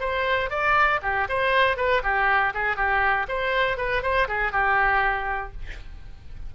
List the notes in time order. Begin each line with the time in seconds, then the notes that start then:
0.00 C5
0.50 D5
1.02 G4
1.29 C5
1.77 B4
2.03 G4
2.54 G#4
2.76 G4
3.28 C5
3.77 B4
4.02 C5
4.28 G#4
4.52 G4